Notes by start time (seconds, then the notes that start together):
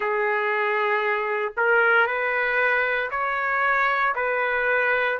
0.00 G#4
1.56 A#4
2.06 B4
3.10 C#5
4.15 B4